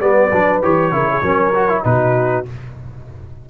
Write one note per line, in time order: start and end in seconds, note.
0.00 0.31 G3
0.00 0.31 B3
0.00 0.93 B4
0.00 0.62 D5
0.32 0.63 F#3
0.32 0.62 D4
0.62 0.92 E3
0.62 0.92 G4
0.62 1.84 C#5
0.92 1.22 C#3
0.92 1.23 E4
0.92 1.09 A#4
1.10 1.22 G#4
1.22 1.84 F#3
1.22 1.54 C#4
1.22 1.84 A#4
1.54 1.69 F#4
1.69 1.84 E4
1.84 2.46 B2
1.84 2.45 D#4
1.84 2.50 F#4
1.84 2.45 B4